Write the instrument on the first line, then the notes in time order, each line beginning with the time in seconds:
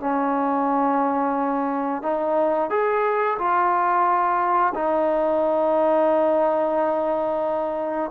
trombone
0.00 C#4
2.02 D#4
2.70 G#4
3.38 F4
4.74 D#4